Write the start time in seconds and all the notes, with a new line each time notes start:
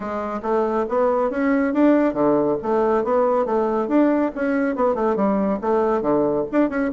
0.00 G#3
0.42 A3
0.88 B3
1.30 C#4
1.73 D4
2.13 D3
2.62 A3
3.03 B3
3.45 A3
3.88 D4
4.35 C#4
4.75 B3
4.94 A3
5.16 G3
5.61 A3
6.01 D3
6.52 D4
6.69 C#4